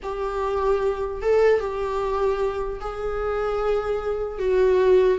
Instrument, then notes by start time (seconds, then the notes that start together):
viola
0.02 G4
1.22 A4
1.59 G4
2.80 G#4
4.38 F#4